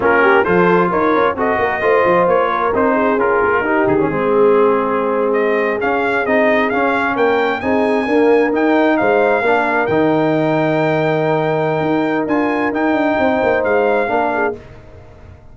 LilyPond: <<
  \new Staff \with { instrumentName = "trumpet" } { \time 4/4 \tempo 4 = 132 ais'4 c''4 cis''4 dis''4~ | dis''4 cis''4 c''4 ais'4~ | ais'8 gis'2.~ gis'16 dis''16~ | dis''8. f''4 dis''4 f''4 g''16~ |
g''8. gis''2 g''4 f''16~ | f''4.~ f''16 g''2~ g''16~ | g''2. gis''4 | g''2 f''2 | }
  \new Staff \with { instrumentName = "horn" } { \time 4/4 f'8 g'8 a'4 ais'4 a'8 ais'8 | c''4. ais'4 gis'4. | g'4 gis'2.~ | gis'2.~ gis'8. ais'16~ |
ais'8. gis'4 ais'2 c''16~ | c''8. ais'2.~ ais'16~ | ais'1~ | ais'4 c''2 ais'8 gis'8 | }
  \new Staff \with { instrumentName = "trombone" } { \time 4/4 cis'4 f'2 fis'4 | f'2 dis'4 f'4 | dis'8. cis'16 c'2.~ | c'8. cis'4 dis'4 cis'4~ cis'16~ |
cis'8. dis'4 ais4 dis'4~ dis'16~ | dis'8. d'4 dis'2~ dis'16~ | dis'2. f'4 | dis'2. d'4 | }
  \new Staff \with { instrumentName = "tuba" } { \time 4/4 ais4 f4 dis'8 cis'8 c'8 ais8 | a8 f8 ais4 c'4 cis'8 ais8 | dis'8 dis8 gis2.~ | gis8. cis'4 c'4 cis'4 ais16~ |
ais8. c'4 d'4 dis'4 gis16~ | gis8. ais4 dis2~ dis16~ | dis2 dis'4 d'4 | dis'8 d'8 c'8 ais8 gis4 ais4 | }
>>